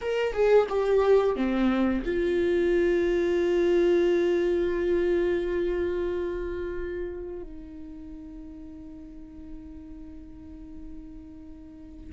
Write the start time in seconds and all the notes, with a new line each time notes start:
0.01 A#4
0.33 G#4
0.69 G4
1.36 C4
2.05 F4
7.42 D#4